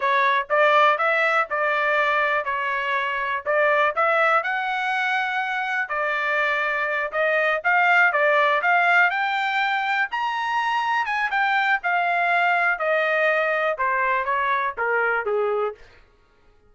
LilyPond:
\new Staff \with { instrumentName = "trumpet" } { \time 4/4 \tempo 4 = 122 cis''4 d''4 e''4 d''4~ | d''4 cis''2 d''4 | e''4 fis''2. | d''2~ d''8 dis''4 f''8~ |
f''8 d''4 f''4 g''4.~ | g''8 ais''2 gis''8 g''4 | f''2 dis''2 | c''4 cis''4 ais'4 gis'4 | }